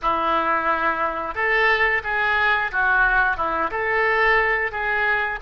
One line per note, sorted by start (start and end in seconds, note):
0.02 1.34 E4
1.34 2.02 A4
2.03 2.71 G#4
2.71 3.36 F#4
3.36 3.70 E4
3.70 4.71 A4
4.71 5.39 G#4